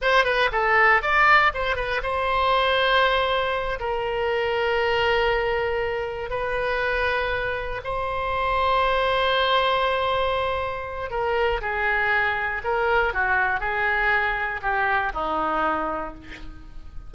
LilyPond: \new Staff \with { instrumentName = "oboe" } { \time 4/4 \tempo 4 = 119 c''8 b'8 a'4 d''4 c''8 b'8 | c''2.~ c''8 ais'8~ | ais'1~ | ais'8 b'2. c''8~ |
c''1~ | c''2 ais'4 gis'4~ | gis'4 ais'4 fis'4 gis'4~ | gis'4 g'4 dis'2 | }